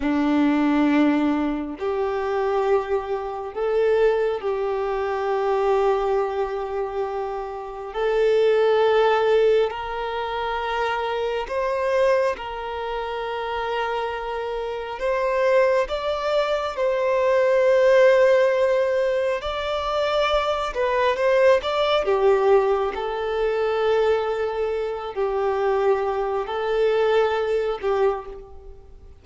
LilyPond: \new Staff \with { instrumentName = "violin" } { \time 4/4 \tempo 4 = 68 d'2 g'2 | a'4 g'2.~ | g'4 a'2 ais'4~ | ais'4 c''4 ais'2~ |
ais'4 c''4 d''4 c''4~ | c''2 d''4. b'8 | c''8 d''8 g'4 a'2~ | a'8 g'4. a'4. g'8 | }